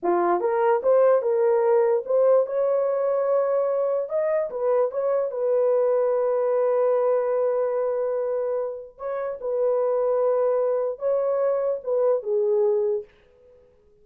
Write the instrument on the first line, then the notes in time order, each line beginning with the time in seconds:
horn
0.02 F4
0.40 A#4
0.82 C5
1.21 A#4
2.05 C5
2.46 C#5
4.09 D#5
4.50 B4
4.91 C#5
5.31 B4
8.98 C#5
9.41 B4
10.98 C#5
11.83 B4
12.22 G#4